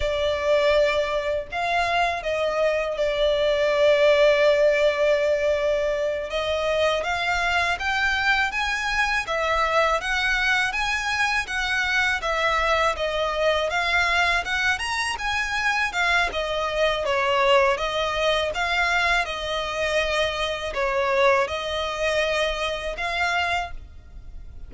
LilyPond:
\new Staff \with { instrumentName = "violin" } { \time 4/4 \tempo 4 = 81 d''2 f''4 dis''4 | d''1~ | d''8 dis''4 f''4 g''4 gis''8~ | gis''8 e''4 fis''4 gis''4 fis''8~ |
fis''8 e''4 dis''4 f''4 fis''8 | ais''8 gis''4 f''8 dis''4 cis''4 | dis''4 f''4 dis''2 | cis''4 dis''2 f''4 | }